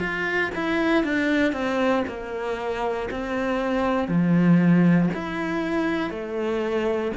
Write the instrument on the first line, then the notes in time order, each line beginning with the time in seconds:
cello
0.00 F4
0.55 E4
1.04 D4
1.53 C4
2.08 A#3
3.11 C4
4.09 F3
5.14 E4
6.11 A3